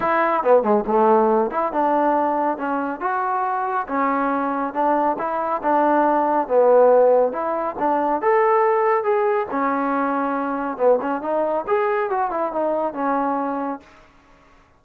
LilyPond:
\new Staff \with { instrumentName = "trombone" } { \time 4/4 \tempo 4 = 139 e'4 b8 gis8 a4. e'8 | d'2 cis'4 fis'4~ | fis'4 cis'2 d'4 | e'4 d'2 b4~ |
b4 e'4 d'4 a'4~ | a'4 gis'4 cis'2~ | cis'4 b8 cis'8 dis'4 gis'4 | fis'8 e'8 dis'4 cis'2 | }